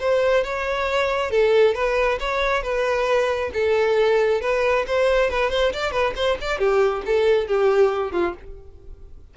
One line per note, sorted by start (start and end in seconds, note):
0.00 0.44 C5
0.44 1.31 C#5
1.31 1.75 A4
1.75 2.19 B4
2.20 2.62 C#5
2.62 3.51 B4
3.53 4.41 A4
4.41 4.85 B4
4.87 5.30 C5
5.30 5.50 B4
5.50 5.73 C5
5.73 5.91 D5
5.91 6.13 B4
6.16 6.38 C5
6.41 6.59 D5
6.59 7.03 G4
7.06 7.48 A4
7.48 8.12 G4
8.12 8.34 F4